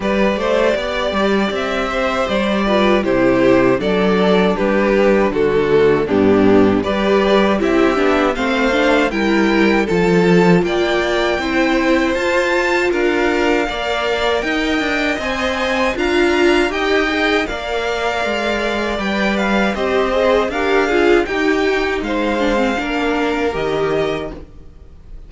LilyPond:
<<
  \new Staff \with { instrumentName = "violin" } { \time 4/4 \tempo 4 = 79 d''2 e''4 d''4 | c''4 d''4 b'4 a'4 | g'4 d''4 e''4 f''4 | g''4 a''4 g''2 |
a''4 f''2 g''4 | gis''4 ais''4 g''4 f''4~ | f''4 g''8 f''8 dis''4 f''4 | g''4 f''2 dis''4 | }
  \new Staff \with { instrumentName = "violin" } { \time 4/4 b'8 c''8 d''4. c''4 b'8 | g'4 a'4 g'4 fis'4 | d'4 b'4 g'4 c''4 | ais'4 a'4 d''4 c''4~ |
c''4 ais'4 d''4 dis''4~ | dis''4 f''4 dis''4 d''4~ | d''2 c''4 ais'8 gis'8 | g'4 c''4 ais'2 | }
  \new Staff \with { instrumentName = "viola" } { \time 4/4 g'2.~ g'8 f'8 | e'4 d'2~ d'8 a8 | b4 g'4 e'8 d'8 c'8 d'8 | e'4 f'2 e'4 |
f'2 ais'2 | c''4 f'4 g'8 gis'8 ais'4~ | ais'4 b'4 g'8 gis'8 g'8 f'8 | dis'4. d'16 c'16 d'4 g'4 | }
  \new Staff \with { instrumentName = "cello" } { \time 4/4 g8 a8 b8 g8 c'4 g4 | c4 fis4 g4 d4 | g,4 g4 c'8 b8 a4 | g4 f4 ais4 c'4 |
f'4 d'4 ais4 dis'8 d'8 | c'4 d'4 dis'4 ais4 | gis4 g4 c'4 d'4 | dis'4 gis4 ais4 dis4 | }
>>